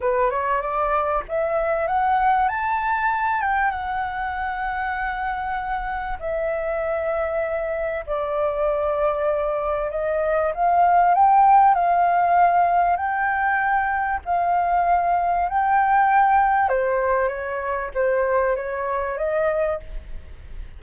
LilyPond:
\new Staff \with { instrumentName = "flute" } { \time 4/4 \tempo 4 = 97 b'8 cis''8 d''4 e''4 fis''4 | a''4. g''8 fis''2~ | fis''2 e''2~ | e''4 d''2. |
dis''4 f''4 g''4 f''4~ | f''4 g''2 f''4~ | f''4 g''2 c''4 | cis''4 c''4 cis''4 dis''4 | }